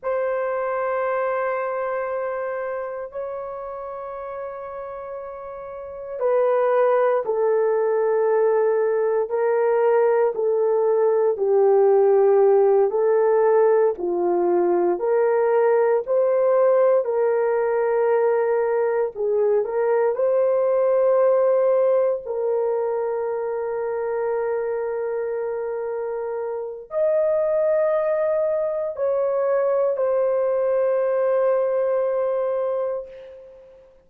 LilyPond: \new Staff \with { instrumentName = "horn" } { \time 4/4 \tempo 4 = 58 c''2. cis''4~ | cis''2 b'4 a'4~ | a'4 ais'4 a'4 g'4~ | g'8 a'4 f'4 ais'4 c''8~ |
c''8 ais'2 gis'8 ais'8 c''8~ | c''4. ais'2~ ais'8~ | ais'2 dis''2 | cis''4 c''2. | }